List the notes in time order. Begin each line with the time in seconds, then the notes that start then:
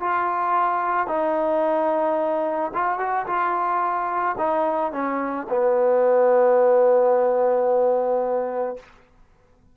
0.00 F4
1.07 D#4
2.74 F4
2.99 F#4
3.26 F4
4.38 D#4
4.92 C#4
5.49 B3